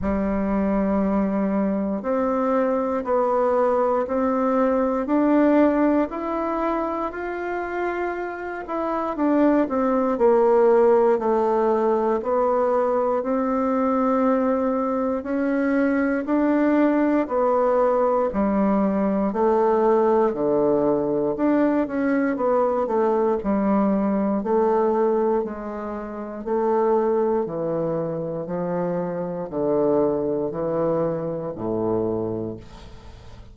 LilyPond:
\new Staff \with { instrumentName = "bassoon" } { \time 4/4 \tempo 4 = 59 g2 c'4 b4 | c'4 d'4 e'4 f'4~ | f'8 e'8 d'8 c'8 ais4 a4 | b4 c'2 cis'4 |
d'4 b4 g4 a4 | d4 d'8 cis'8 b8 a8 g4 | a4 gis4 a4 e4 | f4 d4 e4 a,4 | }